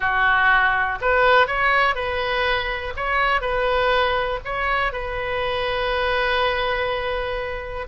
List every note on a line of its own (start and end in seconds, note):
0.00 0.98 F#4
1.01 1.47 B4
1.47 1.95 C#5
1.95 2.93 B4
2.96 3.41 C#5
3.41 4.39 B4
4.44 4.92 C#5
4.92 7.87 B4